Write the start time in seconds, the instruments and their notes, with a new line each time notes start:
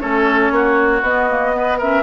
0.00 bassoon A3, clarinet C#4, oboe A4, flute C#5
0.51 bassoon A#3, oboe F#4
1.02 bassoon B3, clarinet B3, flute D#5
1.30 clarinet A#3
1.53 clarinet B3, oboe B4
1.79 clarinet C#4, oboe A#4, flute E5